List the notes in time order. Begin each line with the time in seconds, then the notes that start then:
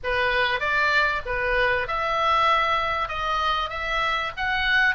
0.03 B4
0.60 D5
1.25 B4
1.87 E5
3.08 D#5
3.69 E5
4.37 F#5